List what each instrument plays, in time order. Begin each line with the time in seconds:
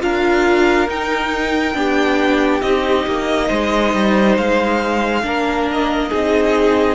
0.00 cello D4, viola F4, violin A#4 F5
0.88 cello D#4, viola D#4, violin G5
1.74 cello B3, viola D4, violin G4
2.61 cello C4, viola D#4, violin D#5
3.07 cello A#3
3.48 cello G#3, violin C5
3.94 cello G3
4.37 cello G#3, violin F5
5.23 cello A#3, viola D4, violin A#4
5.71 violin D#5
6.10 cello C4, viola D#4, violin G#4